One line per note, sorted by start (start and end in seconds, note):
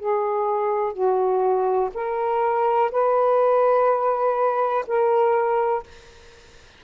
0.00 0.94 G#4
0.94 1.90 F#4
1.94 2.91 A#4
2.92 4.86 B4
4.87 5.84 A#4